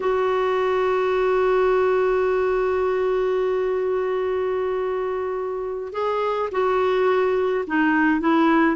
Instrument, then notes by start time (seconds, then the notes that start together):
clarinet
0.00 F#4
5.92 G#4
6.51 F#4
7.67 D#4
8.20 E4